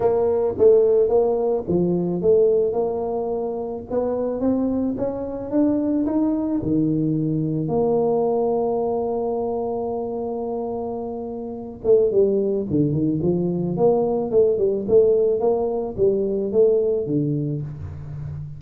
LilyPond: \new Staff \with { instrumentName = "tuba" } { \time 4/4 \tempo 4 = 109 ais4 a4 ais4 f4 | a4 ais2 b4 | c'4 cis'4 d'4 dis'4 | dis2 ais2~ |
ais1~ | ais4. a8 g4 d8 dis8 | f4 ais4 a8 g8 a4 | ais4 g4 a4 d4 | }